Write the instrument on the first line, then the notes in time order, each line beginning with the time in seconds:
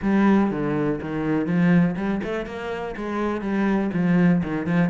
cello
0.02 G3
0.51 D3
1.01 D#3
1.46 F3
1.96 G3
2.23 A3
2.46 A#3
2.96 G#3
3.41 G3
3.93 F3
4.43 D#3
4.66 F3